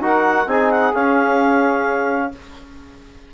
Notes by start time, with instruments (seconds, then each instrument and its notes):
0.00 bassoon D#4, trombone F#4, saxophone A#4, clarinet F#5
0.46 bassoon C4, trombone D#4, saxophone G#4, clarinet G#5
0.71 clarinet F#5
0.94 trombone C#4, bassoon C#4, clarinet F5